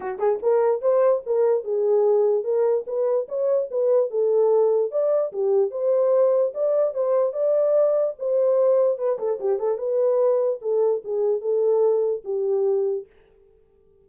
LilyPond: \new Staff \with { instrumentName = "horn" } { \time 4/4 \tempo 4 = 147 fis'8 gis'8 ais'4 c''4 ais'4 | gis'2 ais'4 b'4 | cis''4 b'4 a'2 | d''4 g'4 c''2 |
d''4 c''4 d''2 | c''2 b'8 a'8 g'8 a'8 | b'2 a'4 gis'4 | a'2 g'2 | }